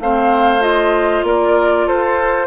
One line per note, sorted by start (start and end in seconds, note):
0.00 1.23 A3
0.00 0.60 C4
0.00 1.26 C5
0.00 0.62 F5
0.60 2.47 F4
0.60 1.25 D#5
1.23 1.86 A#3
1.23 1.87 A#4
1.23 1.88 D5
1.87 2.47 F4
1.87 2.47 A4
1.87 2.47 C5